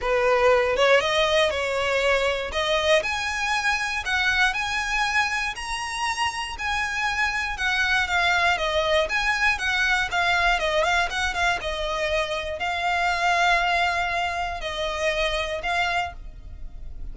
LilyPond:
\new Staff \with { instrumentName = "violin" } { \time 4/4 \tempo 4 = 119 b'4. cis''8 dis''4 cis''4~ | cis''4 dis''4 gis''2 | fis''4 gis''2 ais''4~ | ais''4 gis''2 fis''4 |
f''4 dis''4 gis''4 fis''4 | f''4 dis''8 f''8 fis''8 f''8 dis''4~ | dis''4 f''2.~ | f''4 dis''2 f''4 | }